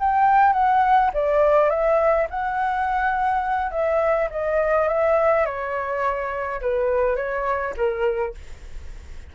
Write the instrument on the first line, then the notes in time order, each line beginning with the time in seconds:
flute
0.00 G5
0.53 F#5
1.14 D5
1.70 E5
2.31 F#5
3.72 E5
4.31 D#5
4.89 E5
5.46 C#5
6.62 B4
7.17 C#5
7.77 A#4